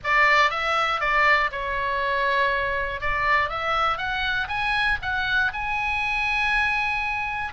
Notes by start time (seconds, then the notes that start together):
0.03 D5
0.50 E5
1.00 D5
1.51 C#5
3.00 D5
3.49 E5
3.97 F#5
4.48 G#5
5.01 F#5
5.52 G#5